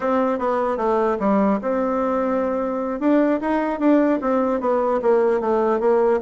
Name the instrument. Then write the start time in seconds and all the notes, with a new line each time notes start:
bassoon
0.00 C4
0.38 B3
0.77 A3
1.19 G3
1.61 C4
3.00 D4
3.41 D#4
3.79 D4
4.21 C4
4.60 B3
5.02 A#3
5.40 A3
5.79 A#3